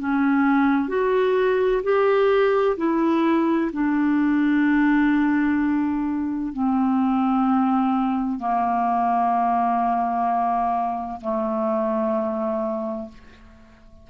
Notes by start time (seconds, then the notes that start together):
0.00 C#4
0.89 F#4
1.84 G4
2.78 E4
3.73 D4
6.54 C4
8.39 A#3
11.22 A3